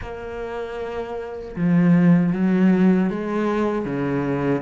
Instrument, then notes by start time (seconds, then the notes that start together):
cello
0.01 A#3
1.56 F3
2.33 F#3
3.09 G#3
3.85 C#3